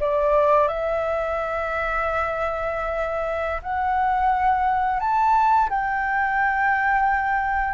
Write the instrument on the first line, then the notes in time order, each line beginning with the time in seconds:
flute
0.00 D5
0.68 E5
3.62 F#5
5.00 A5
5.70 G5